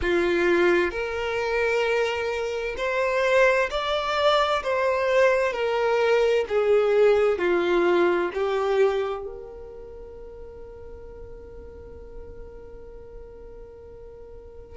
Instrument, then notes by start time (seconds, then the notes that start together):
violin
0.01 F4
0.91 A#4
2.77 C5
3.70 D5
4.63 C5
5.52 A#4
6.48 G#4
7.38 F4
8.33 G4
9.25 A#4